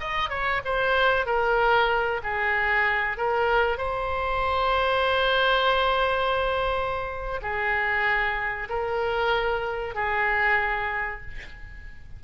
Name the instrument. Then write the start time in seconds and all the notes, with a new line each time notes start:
oboe
0.00 D#5
0.30 C#5
0.65 C5
1.26 A#4
2.23 G#4
3.18 A#4
3.78 C5
7.42 G#4
8.70 A#4
9.95 G#4